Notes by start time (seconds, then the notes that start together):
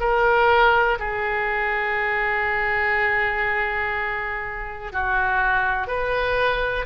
0.00 A#4
0.99 G#4
4.92 F#4
5.87 B4